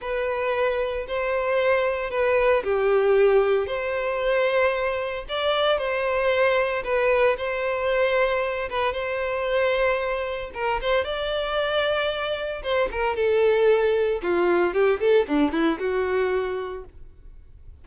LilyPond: \new Staff \with { instrumentName = "violin" } { \time 4/4 \tempo 4 = 114 b'2 c''2 | b'4 g'2 c''4~ | c''2 d''4 c''4~ | c''4 b'4 c''2~ |
c''8 b'8 c''2. | ais'8 c''8 d''2. | c''8 ais'8 a'2 f'4 | g'8 a'8 d'8 e'8 fis'2 | }